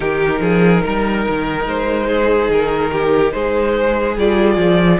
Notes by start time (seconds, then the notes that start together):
0.00 D#3 D#4 G4 A#4
0.40 F3 G#4
0.84 G3 A#4
1.28 D#3
1.66 G#3 C5
2.07 G#4
2.49 D#3 A#4
2.92 G4
3.32 G#3 G#4 C5
4.17 G3 F4 D5
4.56 F3